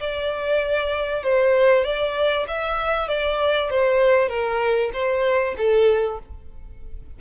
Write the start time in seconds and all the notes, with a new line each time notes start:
0.00 D5
1.23 C5
1.85 D5
2.48 E5
3.08 D5
3.70 C5
4.29 A#4
4.93 C5
5.58 A4